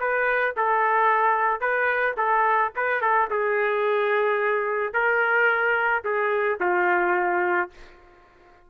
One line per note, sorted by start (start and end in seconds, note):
0.00 0.55 B4
0.57 1.61 A4
1.61 2.16 B4
2.17 2.72 A4
2.76 3.02 B4
3.02 3.29 A4
3.30 4.94 G#4
4.94 6.04 A#4
6.04 6.59 G#4
6.61 7.71 F4